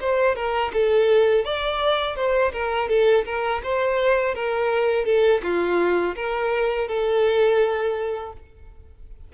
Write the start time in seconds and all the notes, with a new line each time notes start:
0.00 C5
0.35 A#4
0.73 A4
1.45 D5
2.16 C5
2.52 A#4
2.88 A4
3.25 A#4
3.63 C5
4.34 A#4
5.05 A4
5.42 F4
6.15 A#4
6.88 A4